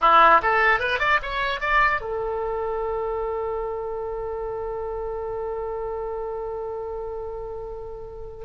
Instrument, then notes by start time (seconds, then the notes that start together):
oboe
0.01 E4
0.42 A4
0.79 B4
0.99 D5
1.22 C#5
1.60 D5
2.01 A4